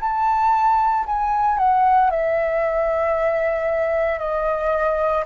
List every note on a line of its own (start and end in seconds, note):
0.00 1.05 A5
1.06 1.58 G#5
1.58 2.11 F#5
2.11 4.19 E5
4.19 5.24 D#5